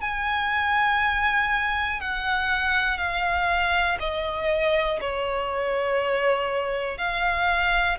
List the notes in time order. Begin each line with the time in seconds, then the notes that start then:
0.00 G#5
2.00 F#5
2.97 F5
3.99 D#5
5.00 C#5
6.97 F5